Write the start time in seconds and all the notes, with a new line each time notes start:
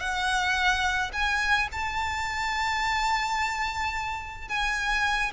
0.00 F#5
1.13 G#5
1.72 A5
4.48 G#5